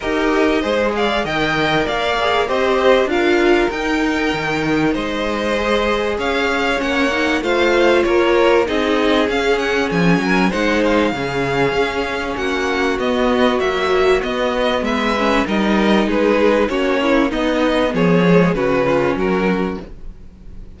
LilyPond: <<
  \new Staff \with { instrumentName = "violin" } { \time 4/4 \tempo 4 = 97 dis''4. f''8 g''4 f''4 | dis''4 f''4 g''2 | dis''2 f''4 fis''4 | f''4 cis''4 dis''4 f''8 fis''8 |
gis''4 fis''8 f''2~ f''8 | fis''4 dis''4 e''4 dis''4 | e''4 dis''4 b'4 cis''4 | dis''4 cis''4 b'4 ais'4 | }
  \new Staff \with { instrumentName = "violin" } { \time 4/4 ais'4 c''8 d''8 dis''4 d''4 | c''4 ais'2. | c''2 cis''2 | c''4 ais'4 gis'2~ |
gis'8 ais'8 c''4 gis'2 | fis'1 | b'4 ais'4 gis'4 fis'8 e'8 | dis'4 gis'4 fis'8 f'8 fis'4 | }
  \new Staff \with { instrumentName = "viola" } { \time 4/4 g'4 gis'4 ais'4. gis'8 | g'4 f'4 dis'2~ | dis'4 gis'2 cis'8 dis'8 | f'2 dis'4 cis'4~ |
cis'4 dis'4 cis'2~ | cis'4 b4 fis4 b4~ | b8 cis'8 dis'2 cis'4 | b4. gis8 cis'2 | }
  \new Staff \with { instrumentName = "cello" } { \time 4/4 dis'4 gis4 dis4 ais4 | c'4 d'4 dis'4 dis4 | gis2 cis'4 ais4 | a4 ais4 c'4 cis'4 |
f8 fis8 gis4 cis4 cis'4 | ais4 b4 ais4 b4 | gis4 g4 gis4 ais4 | b4 f4 cis4 fis4 | }
>>